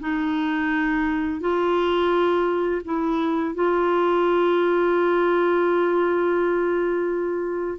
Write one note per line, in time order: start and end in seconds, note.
0.00 1.41 D#4
1.41 2.82 F4
2.85 3.55 E4
3.55 7.78 F4